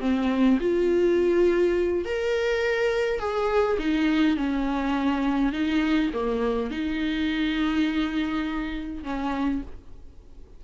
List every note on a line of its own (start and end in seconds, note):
0.00 0.58 C4
0.60 2.05 F4
2.05 3.19 A#4
3.19 3.77 G#4
3.78 4.36 D#4
4.36 5.52 C#4
5.52 6.10 D#4
6.13 6.70 A#3
6.70 9.03 D#4
9.03 9.61 C#4